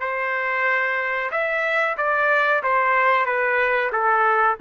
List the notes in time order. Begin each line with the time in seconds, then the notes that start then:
0.00 C5
1.31 E5
1.97 D5
2.63 C5
3.25 B4
3.92 A4